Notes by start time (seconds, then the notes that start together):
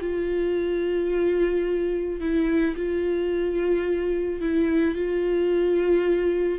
0.00 F4
2.20 E4
2.76 F4
4.41 E4
4.95 F4